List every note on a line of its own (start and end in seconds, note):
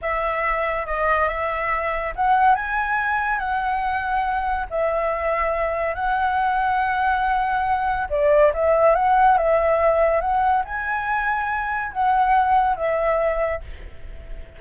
0.01 0.85 E5
0.85 1.28 D#5
1.28 2.13 E5
2.15 2.55 F#5
2.55 3.38 G#5
3.38 4.66 F#5
4.69 5.95 E5
5.95 8.07 F#5
8.09 8.52 D5
8.53 8.95 E5
8.95 9.37 F#5
9.37 10.21 E5
10.21 10.63 F#5
10.64 11.92 G#5
11.92 12.76 F#5
12.76 13.61 E5